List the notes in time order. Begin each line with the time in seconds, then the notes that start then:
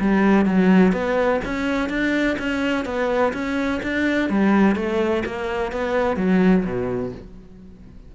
0.00 G3
0.46 F#3
0.92 B3
1.45 C#4
1.89 D4
2.39 C#4
2.85 B3
3.33 C#4
3.83 D4
4.30 G3
4.76 A3
5.26 A#3
5.72 B3
6.16 F#3
6.64 B2